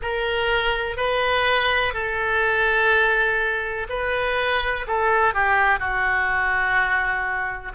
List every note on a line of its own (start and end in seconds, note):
0.01 0.97 A#4
0.97 1.93 B4
1.93 3.87 A4
3.89 4.86 B4
4.87 5.34 A4
5.34 5.78 G4
5.78 7.72 F#4